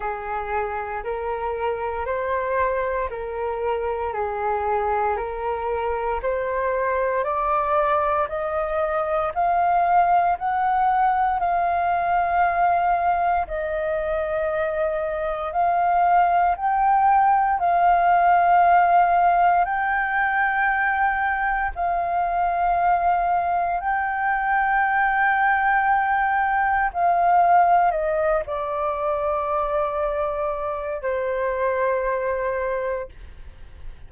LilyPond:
\new Staff \with { instrumentName = "flute" } { \time 4/4 \tempo 4 = 58 gis'4 ais'4 c''4 ais'4 | gis'4 ais'4 c''4 d''4 | dis''4 f''4 fis''4 f''4~ | f''4 dis''2 f''4 |
g''4 f''2 g''4~ | g''4 f''2 g''4~ | g''2 f''4 dis''8 d''8~ | d''2 c''2 | }